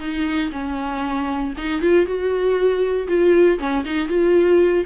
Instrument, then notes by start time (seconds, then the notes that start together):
viola
0.00 D#4
0.52 C#4
1.58 D#4
1.81 F4
2.06 F#4
3.08 F4
3.59 C#4
3.85 D#4
4.09 F4